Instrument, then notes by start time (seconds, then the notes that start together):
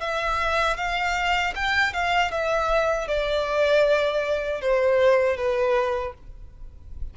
violin
0.00 E5
0.77 F5
1.55 G5
1.93 F5
2.31 E5
3.08 D5
4.61 C5
5.37 B4